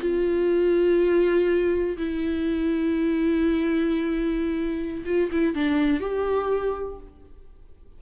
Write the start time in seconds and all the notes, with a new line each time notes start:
0.00 F4
1.97 E4
5.05 F4
5.31 E4
5.54 D4
6.00 G4